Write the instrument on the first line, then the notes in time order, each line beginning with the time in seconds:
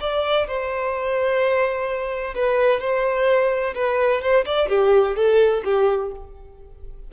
violin
0.00 D5
0.47 C5
2.35 B4
2.81 C5
3.75 B4
4.22 C5
4.46 D5
4.69 G4
5.16 A4
5.64 G4